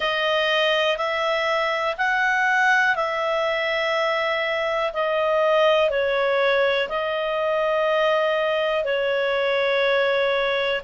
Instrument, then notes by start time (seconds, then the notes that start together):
clarinet
0.00 D#5
0.97 E5
1.97 F#5
2.95 E5
4.93 D#5
5.90 C#5
6.89 D#5
8.84 C#5